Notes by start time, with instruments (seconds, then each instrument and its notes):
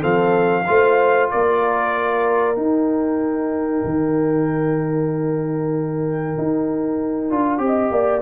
0.00 tuba F3, trombone C4, horn A4, trumpet F5
0.67 tuba A3, trombone F4, horn C5
1.31 tuba A#3, horn A#4, trumpet D5
2.56 trombone D#4, tuba D#4, trumpet G5
3.84 tuba D#3
6.38 tuba D#4
7.30 tuba D4, trombone F4
7.58 tuba C4, trombone G4
7.66 horn D#5
7.91 tuba A#3, horn D5